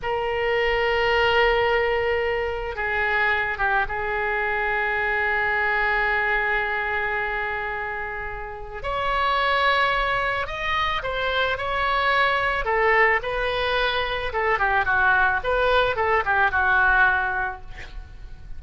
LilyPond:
\new Staff \with { instrumentName = "oboe" } { \time 4/4 \tempo 4 = 109 ais'1~ | ais'4 gis'4. g'8 gis'4~ | gis'1~ | gis'1 |
cis''2. dis''4 | c''4 cis''2 a'4 | b'2 a'8 g'8 fis'4 | b'4 a'8 g'8 fis'2 | }